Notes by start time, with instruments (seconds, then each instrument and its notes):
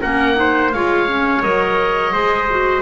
0.00 double bass A#3, clarinet C#4, trumpet A#4, oboe F#5
0.35 clarinet D#4, trumpet C5
0.72 double bass G#3, clarinet F4, trumpet C#5, oboe F5
1.08 clarinet C#4
1.42 double bass F#3, clarinet A#4, oboe D#5
2.12 double bass G#3, clarinet G#4, trumpet C5
2.50 clarinet F#4